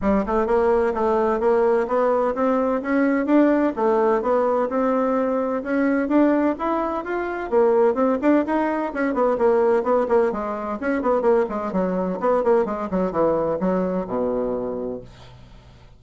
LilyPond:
\new Staff \with { instrumentName = "bassoon" } { \time 4/4 \tempo 4 = 128 g8 a8 ais4 a4 ais4 | b4 c'4 cis'4 d'4 | a4 b4 c'2 | cis'4 d'4 e'4 f'4 |
ais4 c'8 d'8 dis'4 cis'8 b8 | ais4 b8 ais8 gis4 cis'8 b8 | ais8 gis8 fis4 b8 ais8 gis8 fis8 | e4 fis4 b,2 | }